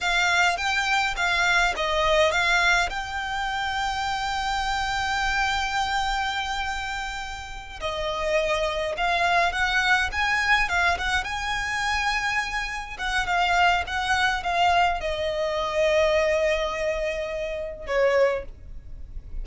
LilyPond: \new Staff \with { instrumentName = "violin" } { \time 4/4 \tempo 4 = 104 f''4 g''4 f''4 dis''4 | f''4 g''2.~ | g''1~ | g''4. dis''2 f''8~ |
f''8 fis''4 gis''4 f''8 fis''8 gis''8~ | gis''2~ gis''8 fis''8 f''4 | fis''4 f''4 dis''2~ | dis''2. cis''4 | }